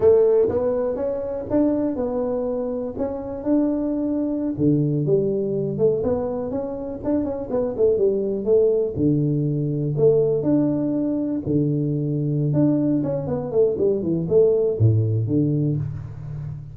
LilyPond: \new Staff \with { instrumentName = "tuba" } { \time 4/4 \tempo 4 = 122 a4 b4 cis'4 d'4 | b2 cis'4 d'4~ | d'4~ d'16 d4 g4. a16~ | a16 b4 cis'4 d'8 cis'8 b8 a16~ |
a16 g4 a4 d4.~ d16~ | d16 a4 d'2 d8.~ | d4. d'4 cis'8 b8 a8 | g8 e8 a4 a,4 d4 | }